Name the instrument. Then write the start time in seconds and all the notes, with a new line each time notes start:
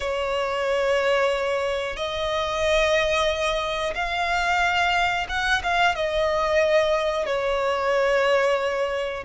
violin
0.00 C#5
1.96 D#5
3.94 F5
5.28 F#5
5.63 F5
5.95 D#5
7.26 C#5